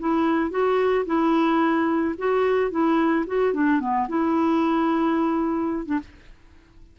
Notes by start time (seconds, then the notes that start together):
0.00 E4
0.51 F#4
1.06 E4
2.18 F#4
2.71 E4
3.27 F#4
3.54 D4
3.81 B3
4.09 E4
5.86 D4